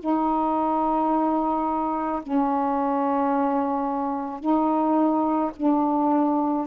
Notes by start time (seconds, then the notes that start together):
0.00 D#4
2.23 C#4
4.40 D#4
5.57 D4